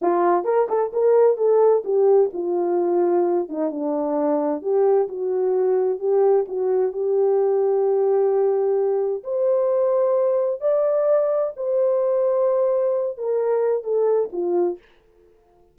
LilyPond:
\new Staff \with { instrumentName = "horn" } { \time 4/4 \tempo 4 = 130 f'4 ais'8 a'8 ais'4 a'4 | g'4 f'2~ f'8 dis'8 | d'2 g'4 fis'4~ | fis'4 g'4 fis'4 g'4~ |
g'1 | c''2. d''4~ | d''4 c''2.~ | c''8 ais'4. a'4 f'4 | }